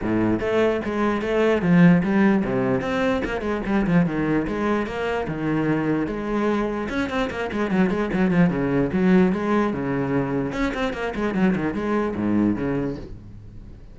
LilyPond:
\new Staff \with { instrumentName = "cello" } { \time 4/4 \tempo 4 = 148 a,4 a4 gis4 a4 | f4 g4 c4 c'4 | ais8 gis8 g8 f8 dis4 gis4 | ais4 dis2 gis4~ |
gis4 cis'8 c'8 ais8 gis8 fis8 gis8 | fis8 f8 cis4 fis4 gis4 | cis2 cis'8 c'8 ais8 gis8 | fis8 dis8 gis4 gis,4 cis4 | }